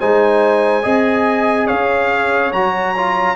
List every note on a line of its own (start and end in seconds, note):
0.00 0.86 G#3
0.00 0.83 D#4
0.00 0.83 C5
0.00 1.67 G#5
0.83 1.70 C4
0.83 2.52 G#4
0.83 1.68 D#5
1.67 2.53 C#4
1.67 3.36 C#5
1.67 2.52 F5
2.53 3.36 F#3
2.53 2.96 F#4
2.53 3.36 A#5
2.97 3.36 F4